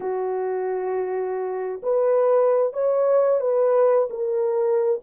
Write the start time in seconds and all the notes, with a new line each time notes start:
0.00 F#4
1.82 B4
2.73 C#5
3.40 B4
4.10 A#4